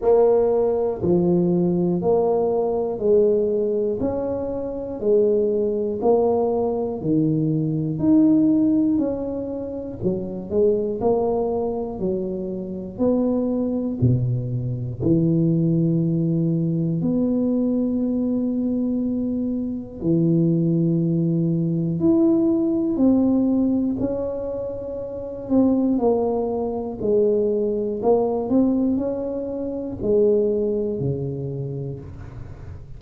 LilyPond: \new Staff \with { instrumentName = "tuba" } { \time 4/4 \tempo 4 = 60 ais4 f4 ais4 gis4 | cis'4 gis4 ais4 dis4 | dis'4 cis'4 fis8 gis8 ais4 | fis4 b4 b,4 e4~ |
e4 b2. | e2 e'4 c'4 | cis'4. c'8 ais4 gis4 | ais8 c'8 cis'4 gis4 cis4 | }